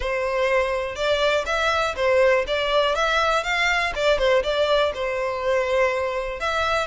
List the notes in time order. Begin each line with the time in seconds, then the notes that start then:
0.00 C5
0.95 D5
1.46 E5
1.95 C5
2.47 D5
2.95 E5
3.43 F5
3.95 D5
4.18 C5
4.43 D5
4.94 C5
6.40 E5